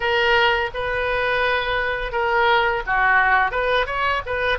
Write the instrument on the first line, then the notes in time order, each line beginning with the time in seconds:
oboe
0.00 A#4
0.73 B4
2.12 A#4
2.86 F#4
3.51 B4
3.86 C#5
4.25 B4